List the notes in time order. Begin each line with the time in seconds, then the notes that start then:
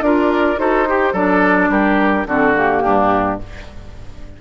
0.00 D4 F4 A#4 D5
0.57 D#4 F#4 A4 C5
0.87 G4
1.12 F#3 D4 A4 D5
1.68 G3 G4 A#4
2.26 D3 C4 F#4 A4
2.54 A#3 G4
2.83 G2 D4